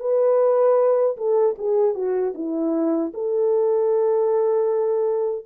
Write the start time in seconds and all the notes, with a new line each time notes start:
0.00 B4
1.17 A4
1.58 G#4
1.94 F#4
2.35 E4
3.14 A4